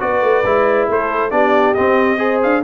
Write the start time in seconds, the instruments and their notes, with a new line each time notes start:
0.00 tuba B3, trombone F#4, horn B4, trumpet D5
0.22 tuba A3
0.44 tuba G#3, trombone E4
0.89 tuba A3, horn A4, trumpet C5
1.31 tuba B3, trombone D4, horn G4, trumpet D5
1.74 trombone C4, tuba C4, trumpet D#5
2.18 trombone G#4, horn C5
2.43 tuba D4, trumpet F5